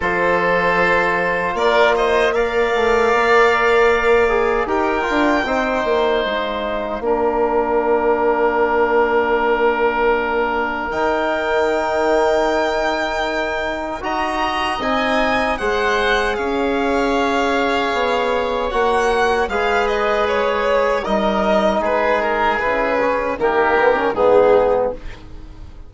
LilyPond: <<
  \new Staff \with { instrumentName = "violin" } { \time 4/4 \tempo 4 = 77 c''2 d''8 dis''8 f''4~ | f''2 g''2 | f''1~ | f''2 g''2~ |
g''2 ais''4 gis''4 | fis''4 f''2. | fis''4 f''8 dis''8 cis''4 dis''4 | b'8 ais'8 b'4 ais'4 gis'4 | }
  \new Staff \with { instrumentName = "oboe" } { \time 4/4 a'2 ais'8 c''8 d''4~ | d''2 ais'4 c''4~ | c''4 ais'2.~ | ais'1~ |
ais'2 dis''2 | c''4 cis''2.~ | cis''4 b'2 ais'4 | gis'2 g'4 dis'4 | }
  \new Staff \with { instrumentName = "trombone" } { \time 4/4 f'2. ais'4~ | ais'4. gis'8 g'8 f'8 dis'4~ | dis'4 d'2.~ | d'2 dis'2~ |
dis'2 fis'4 dis'4 | gis'1 | fis'4 gis'2 dis'4~ | dis'4 e'8 cis'8 ais8 b16 cis'16 b4 | }
  \new Staff \with { instrumentName = "bassoon" } { \time 4/4 f2 ais4. a8 | ais2 dis'8 d'8 c'8 ais8 | gis4 ais2.~ | ais2 dis2~ |
dis2 dis'4 c'4 | gis4 cis'2 b4 | ais4 gis2 g4 | gis4 cis4 dis4 gis,4 | }
>>